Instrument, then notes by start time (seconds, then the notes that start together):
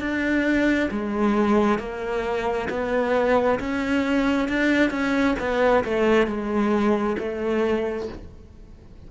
cello
0.00 D4
0.91 G#3
1.79 A#3
2.70 B3
3.60 C#4
4.49 D4
4.91 C#4
5.39 B3
5.85 A3
6.27 G#3
7.19 A3